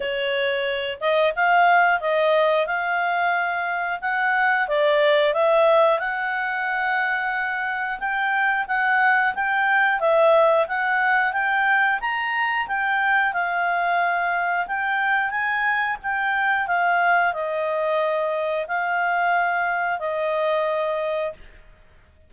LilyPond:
\new Staff \with { instrumentName = "clarinet" } { \time 4/4 \tempo 4 = 90 cis''4. dis''8 f''4 dis''4 | f''2 fis''4 d''4 | e''4 fis''2. | g''4 fis''4 g''4 e''4 |
fis''4 g''4 ais''4 g''4 | f''2 g''4 gis''4 | g''4 f''4 dis''2 | f''2 dis''2 | }